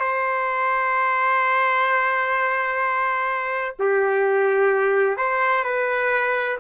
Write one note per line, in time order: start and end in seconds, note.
0.00 3.75 C5
3.79 5.17 G4
5.17 5.64 C5
5.64 6.58 B4